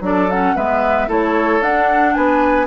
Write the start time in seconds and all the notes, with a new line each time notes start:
0.00 F#3 D4 A4 D5
0.30 C#4 F#5
0.55 G#3 B3 B4 E5
1.07 A3 E4 A4 C#5
1.62 D4 F#5
2.13 B3 B4 G#5